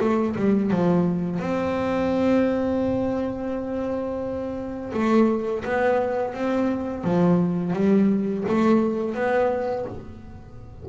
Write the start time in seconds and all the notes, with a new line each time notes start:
0.00 A3
0.36 G3
0.71 F3
1.39 C4
4.93 A3
5.64 B3
6.34 C4
7.04 F3
7.73 G3
8.48 A3
9.14 B3